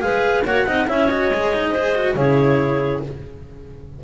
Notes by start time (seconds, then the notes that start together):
0.00 G#3 G#4 B4 F5
0.45 A#3 F#4 C#5 F#5
0.66 C4 D#4 D#5
0.87 C#4 E4 C#5 E5
1.09 F#4 D#5
1.30 G#3 G#4
1.53 D#4
1.70 G#4 C5
1.95 F#4
2.15 C#3 E4 G#4 C#5